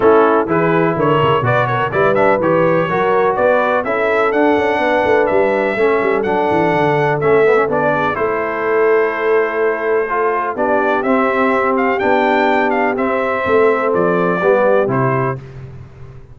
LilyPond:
<<
  \new Staff \with { instrumentName = "trumpet" } { \time 4/4 \tempo 4 = 125 a'4 b'4 cis''4 d''8 cis''8 | d''8 e''8 cis''2 d''4 | e''4 fis''2 e''4~ | e''4 fis''2 e''4 |
d''4 c''2.~ | c''2 d''4 e''4~ | e''8 f''8 g''4. f''8 e''4~ | e''4 d''2 c''4 | }
  \new Staff \with { instrumentName = "horn" } { \time 4/4 e'4 gis'4 ais'4 b'8 ais'8 | b'2 ais'4 b'4 | a'2 b'2 | a'1~ |
a'8 gis'8 a'2.~ | a'2 g'2~ | g'1 | a'2 g'2 | }
  \new Staff \with { instrumentName = "trombone" } { \time 4/4 cis'4 e'2 fis'4 | e'8 d'8 g'4 fis'2 | e'4 d'2. | cis'4 d'2 cis'8 b16 cis'16 |
d'4 e'2.~ | e'4 f'4 d'4 c'4~ | c'4 d'2 c'4~ | c'2 b4 e'4 | }
  \new Staff \with { instrumentName = "tuba" } { \time 4/4 a4 e4 d8 cis8 b,4 | g4 e4 fis4 b4 | cis'4 d'8 cis'8 b8 a8 g4 | a8 g8 fis8 e8 d4 a4 |
b4 a2.~ | a2 b4 c'4~ | c'4 b2 c'4 | a4 f4 g4 c4 | }
>>